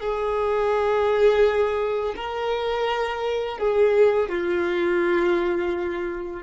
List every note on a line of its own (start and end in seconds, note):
0.00 2.14 G#4
2.16 3.58 A#4
3.58 4.29 G#4
4.29 6.43 F4